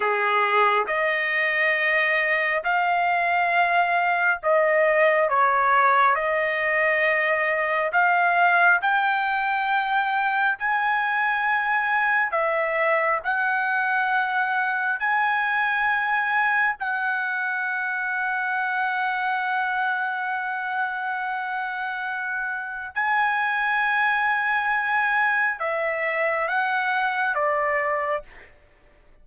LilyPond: \new Staff \with { instrumentName = "trumpet" } { \time 4/4 \tempo 4 = 68 gis'4 dis''2 f''4~ | f''4 dis''4 cis''4 dis''4~ | dis''4 f''4 g''2 | gis''2 e''4 fis''4~ |
fis''4 gis''2 fis''4~ | fis''1~ | fis''2 gis''2~ | gis''4 e''4 fis''4 d''4 | }